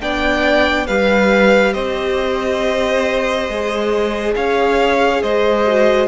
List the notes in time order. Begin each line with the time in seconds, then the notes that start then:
0.00 B3 D4 D5 G5
0.86 G3 G4 B4 F5
1.73 C4 C5 D#5
3.48 G#3 G#4
4.35 C#4 C#5 F5
5.22 G#3 C5 D#5
5.66 F#4